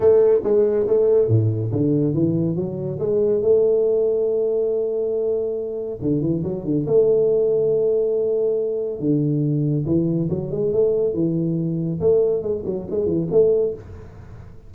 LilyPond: \new Staff \with { instrumentName = "tuba" } { \time 4/4 \tempo 4 = 140 a4 gis4 a4 a,4 | d4 e4 fis4 gis4 | a1~ | a2 d8 e8 fis8 d8 |
a1~ | a4 d2 e4 | fis8 gis8 a4 e2 | a4 gis8 fis8 gis8 e8 a4 | }